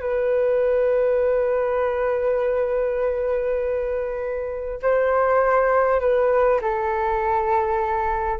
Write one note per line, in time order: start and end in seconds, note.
0.00 4.80 B4
4.82 6.00 C5
6.00 6.60 B4
6.61 8.39 A4